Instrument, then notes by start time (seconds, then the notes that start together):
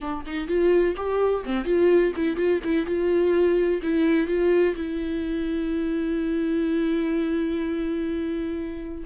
viola
0.00 D4
0.26 D#4
0.47 F4
0.96 G4
1.45 C4
1.64 F4
2.16 E4
2.36 F4
2.63 E4
2.85 F4
3.82 E4
4.27 F4
4.75 E4